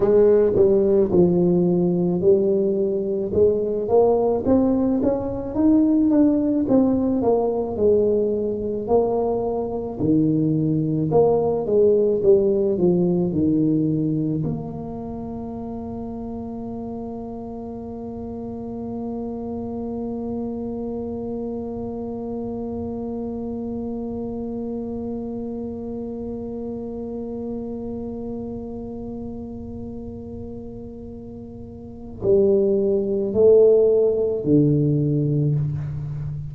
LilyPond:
\new Staff \with { instrumentName = "tuba" } { \time 4/4 \tempo 4 = 54 gis8 g8 f4 g4 gis8 ais8 | c'8 cis'8 dis'8 d'8 c'8 ais8 gis4 | ais4 dis4 ais8 gis8 g8 f8 | dis4 ais2.~ |
ais1~ | ais1~ | ais1~ | ais4 g4 a4 d4 | }